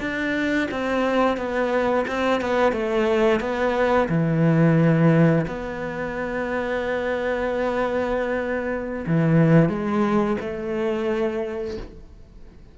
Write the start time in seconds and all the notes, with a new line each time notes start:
0.00 D4
0.71 C4
1.37 B3
2.07 C4
2.41 B3
2.72 A3
3.40 B3
4.09 E3
5.47 B3
9.07 E3
9.69 G#3
10.40 A3